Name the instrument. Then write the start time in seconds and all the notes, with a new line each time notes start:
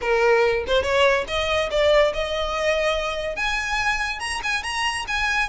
violin
0.01 A#4
0.67 C5
0.82 C#5
1.27 D#5
1.70 D5
2.13 D#5
3.36 G#5
4.19 A#5
4.43 G#5
4.63 A#5
5.07 G#5